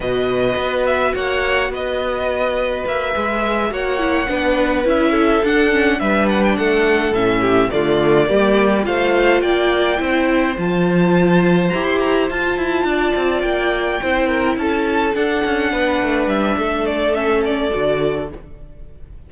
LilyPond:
<<
  \new Staff \with { instrumentName = "violin" } { \time 4/4 \tempo 4 = 105 dis''4. e''8 fis''4 dis''4~ | dis''4 e''4. fis''4.~ | fis''8 e''4 fis''4 e''8 fis''16 g''16 fis''8~ | fis''8 e''4 d''2 f''8~ |
f''8 g''2 a''4.~ | a''8 ais''16 c'''16 ais''8 a''2 g''8~ | g''4. a''4 fis''4.~ | fis''8 e''4 d''8 e''8 d''4. | }
  \new Staff \with { instrumentName = "violin" } { \time 4/4 b'2 cis''4 b'4~ | b'2~ b'8 cis''4 b'8~ | b'4 a'4. b'4 a'8~ | a'4 g'8 f'4 g'4 c''8~ |
c''8 d''4 c''2~ c''8~ | c''2~ c''8 d''4.~ | d''8 c''8 ais'8 a'2 b'8~ | b'4 a'2. | }
  \new Staff \with { instrumentName = "viola" } { \time 4/4 fis'1~ | fis'4. gis'4 fis'8 e'8 d'8~ | d'8 e'4 d'8 cis'8 d'4.~ | d'8 cis'4 a4 ais4 f'8~ |
f'4. e'4 f'4.~ | f'8 g'4 f'2~ f'8~ | f'8 e'2 d'4.~ | d'2 cis'4 fis'4 | }
  \new Staff \with { instrumentName = "cello" } { \time 4/4 b,4 b4 ais4 b4~ | b4 ais8 gis4 ais4 b8~ | b8 cis'4 d'4 g4 a8~ | a8 a,4 d4 g4 a8~ |
a8 ais4 c'4 f4.~ | f8 e'4 f'8 e'8 d'8 c'8 ais8~ | ais8 c'4 cis'4 d'8 cis'8 b8 | a8 g8 a2 d4 | }
>>